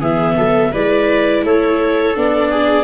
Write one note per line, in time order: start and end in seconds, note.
0.00 0.36 E3
0.00 0.73 B3
0.00 0.36 G#4
0.00 0.74 E5
0.37 0.73 F#3
0.37 0.72 A4
0.72 1.43 G#3
0.72 2.15 E4
0.72 1.43 B4
0.72 1.45 D5
1.43 2.15 A3
1.43 2.51 A4
1.43 2.17 C#5
2.15 2.84 B3
2.15 2.84 D4
2.15 2.84 D5
2.51 2.84 G#4